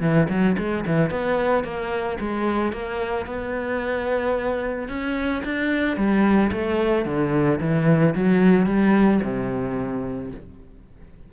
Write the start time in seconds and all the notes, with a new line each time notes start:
0.00 E3
0.29 F#3
0.57 G#3
0.86 E3
1.10 B3
1.63 A#3
2.19 G#3
2.72 A#3
3.26 B3
4.88 C#4
5.44 D4
5.96 G3
6.51 A3
7.05 D3
7.60 E3
8.14 F#3
8.66 G3
9.23 C3